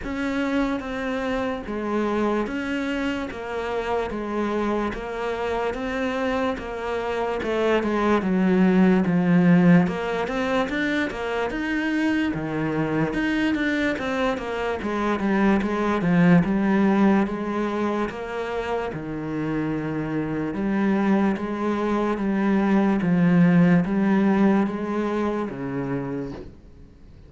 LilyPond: \new Staff \with { instrumentName = "cello" } { \time 4/4 \tempo 4 = 73 cis'4 c'4 gis4 cis'4 | ais4 gis4 ais4 c'4 | ais4 a8 gis8 fis4 f4 | ais8 c'8 d'8 ais8 dis'4 dis4 |
dis'8 d'8 c'8 ais8 gis8 g8 gis8 f8 | g4 gis4 ais4 dis4~ | dis4 g4 gis4 g4 | f4 g4 gis4 cis4 | }